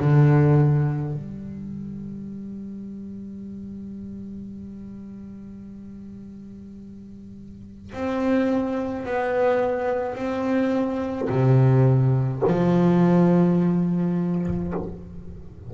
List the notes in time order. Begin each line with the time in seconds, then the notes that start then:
0.00 D3
1.13 G3
7.93 C4
9.05 B3
10.15 C4
11.30 C3
12.47 F3